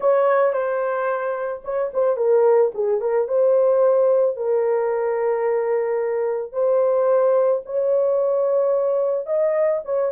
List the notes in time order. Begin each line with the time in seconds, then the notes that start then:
0.00 C#5
0.53 C5
1.64 C#5
1.93 C5
2.16 A#4
2.74 G#4
3.00 A#4
3.28 C5
4.36 A#4
6.52 C5
7.65 C#5
9.26 D#5
9.84 C#5